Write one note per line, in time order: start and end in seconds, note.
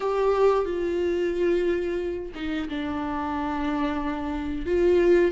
0.00 0.65 G4
0.65 2.32 F4
2.35 2.68 D#4
2.68 4.66 D4
4.66 5.31 F4